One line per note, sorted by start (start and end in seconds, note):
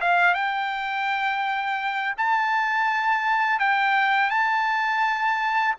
0.00 0.34 F5
0.34 2.14 G5
2.17 3.59 A5
3.59 4.30 G5
4.30 5.74 A5